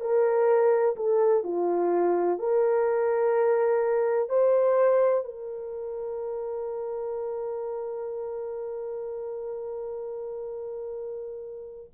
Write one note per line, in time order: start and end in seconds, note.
0.00 0.95 A#4
0.96 1.44 A4
1.44 2.39 F4
2.39 4.29 A#4
4.29 5.24 C5
5.24 11.91 A#4